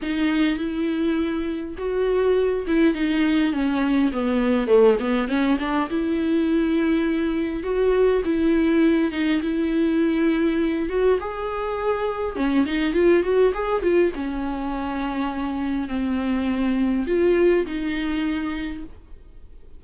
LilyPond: \new Staff \with { instrumentName = "viola" } { \time 4/4 \tempo 4 = 102 dis'4 e'2 fis'4~ | fis'8 e'8 dis'4 cis'4 b4 | a8 b8 cis'8 d'8 e'2~ | e'4 fis'4 e'4. dis'8 |
e'2~ e'8 fis'8 gis'4~ | gis'4 cis'8 dis'8 f'8 fis'8 gis'8 f'8 | cis'2. c'4~ | c'4 f'4 dis'2 | }